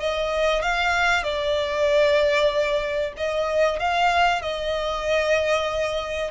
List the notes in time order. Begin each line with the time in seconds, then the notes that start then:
0.00 D#5
0.63 F5
1.24 D5
3.17 D#5
3.80 F5
4.42 D#5